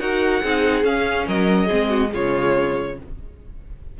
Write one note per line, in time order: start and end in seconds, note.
0.00 0.43 D#4
0.00 0.43 F#4
0.00 0.43 A#4
0.00 0.85 F#5
0.43 0.84 C4
0.43 0.84 D#4
0.43 1.27 G#4
0.84 1.68 C#4
0.84 1.27 C#4
0.84 1.27 F5
1.28 1.70 F#3
1.28 1.67 A#4
1.28 2.13 D#5
1.67 2.15 G#3
1.67 2.09 C4
1.67 1.88 G#4
1.89 2.10 F#4
2.09 2.93 G#3
2.09 2.98 F4
2.15 3.00 C#3
2.15 2.99 C#5